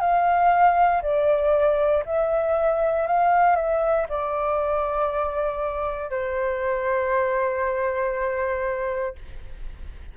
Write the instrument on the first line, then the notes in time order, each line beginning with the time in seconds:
flute
0.00 F5
1.02 D5
2.05 E5
3.06 F5
3.55 E5
4.09 D5
6.10 C5